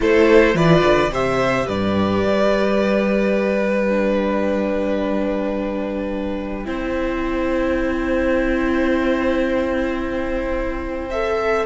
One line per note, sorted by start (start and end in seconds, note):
0.00 0.54 A3
0.00 0.55 E4
0.00 0.55 A4
0.00 0.56 C5
0.54 0.82 E3
0.54 1.10 F4
0.54 1.10 B4
0.54 1.12 D5
0.84 1.09 D3
1.09 1.65 C3
1.09 3.88 G4
1.09 1.66 C5
1.09 1.68 E5
1.66 2.23 G2
1.66 6.66 B4
1.66 3.87 D5
2.23 6.66 G3
3.87 6.64 D4
3.87 11.09 G5
6.64 11.66 C4
6.64 11.09 E4
6.64 11.66 C5
11.10 11.66 A4
11.10 11.65 E5